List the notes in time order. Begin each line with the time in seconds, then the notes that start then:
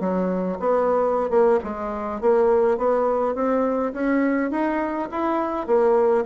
0.00 F#3
0.60 B3
1.30 A#3
1.64 G#3
2.21 A#3
2.78 B3
3.35 C4
3.93 C#4
4.51 D#4
5.11 E4
5.67 A#3